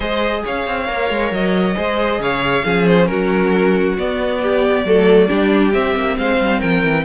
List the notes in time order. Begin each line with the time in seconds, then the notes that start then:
0.00 G#3 G#4 C5 D#5
0.44 C#4 C#5 F5
0.66 C4
0.86 A#3 A#4
1.10 G#3
1.31 F#3 D#5
1.75 G#3 G#4 C5
2.19 C#3 C#5 F5
2.64 F3 C#4 G#4
2.87 C5
3.06 F#3 F#4 A#4
3.97 B3 D5
4.42 G4
4.84 F#3 A3 A4
5.28 G3 D4 G4
5.73 C4 E5
5.94 A#3
6.17 G#3 C5 F5
6.40 G3
6.59 F3 A#4 G5
6.83 E3